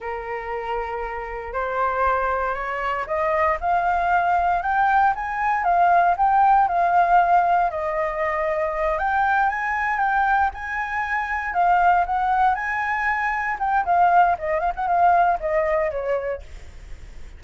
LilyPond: \new Staff \with { instrumentName = "flute" } { \time 4/4 \tempo 4 = 117 ais'2. c''4~ | c''4 cis''4 dis''4 f''4~ | f''4 g''4 gis''4 f''4 | g''4 f''2 dis''4~ |
dis''4. g''4 gis''4 g''8~ | g''8 gis''2 f''4 fis''8~ | fis''8 gis''2 g''8 f''4 | dis''8 f''16 fis''16 f''4 dis''4 cis''4 | }